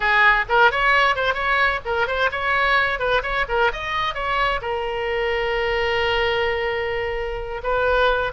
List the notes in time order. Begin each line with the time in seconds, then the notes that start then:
0.00 G#4
0.48 A#4
0.71 C#5
1.15 C5
1.34 C#5
1.85 A#4
2.07 C5
2.31 C#5
2.99 B4
3.22 C#5
3.48 A#4
3.72 D#5
4.14 C#5
4.61 A#4
7.63 B4